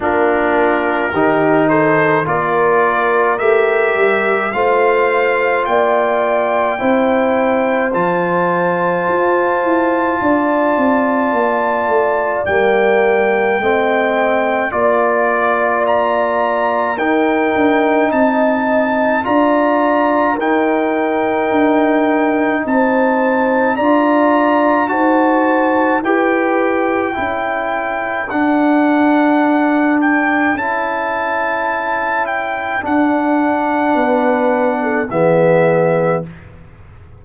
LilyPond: <<
  \new Staff \with { instrumentName = "trumpet" } { \time 4/4 \tempo 4 = 53 ais'4. c''8 d''4 e''4 | f''4 g''2 a''4~ | a''2. g''4~ | g''4 d''4 ais''4 g''4 |
a''4 ais''4 g''2 | a''4 ais''4 a''4 g''4~ | g''4 fis''4. g''8 a''4~ | a''8 g''8 fis''2 e''4 | }
  \new Staff \with { instrumentName = "horn" } { \time 4/4 f'4 g'8 a'8 ais'2 | c''4 d''4 c''2~ | c''4 d''2. | dis''4 d''2 ais'4 |
dis''4 d''4 ais'2 | c''4 d''4 c''4 b'4 | a'1~ | a'2 b'8. a'16 gis'4 | }
  \new Staff \with { instrumentName = "trombone" } { \time 4/4 d'4 dis'4 f'4 g'4 | f'2 e'4 f'4~ | f'2. ais4 | c'4 f'2 dis'4~ |
dis'4 f'4 dis'2~ | dis'4 f'4 fis'4 g'4 | e'4 d'2 e'4~ | e'4 d'2 b4 | }
  \new Staff \with { instrumentName = "tuba" } { \time 4/4 ais4 dis4 ais4 a8 g8 | a4 ais4 c'4 f4 | f'8 e'8 d'8 c'8 ais8 a8 g4 | a4 ais2 dis'8 d'8 |
c'4 d'4 dis'4 d'4 | c'4 d'4 dis'4 e'4 | cis'4 d'2 cis'4~ | cis'4 d'4 b4 e4 | }
>>